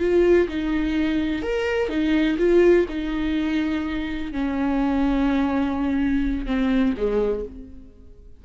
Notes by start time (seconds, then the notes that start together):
0.00 F4
0.48 D#4
1.42 A#4
1.89 D#4
2.38 F4
2.89 D#4
4.32 C#4
6.46 C4
6.97 G#3